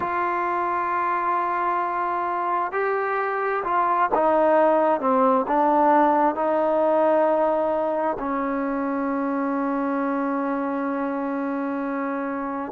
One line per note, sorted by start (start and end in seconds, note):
0.00 2.72 F4
2.72 3.63 G4
3.64 4.09 F4
4.14 5.00 D#4
5.00 5.45 C4
5.47 6.35 D4
6.35 8.17 D#4
8.19 12.72 C#4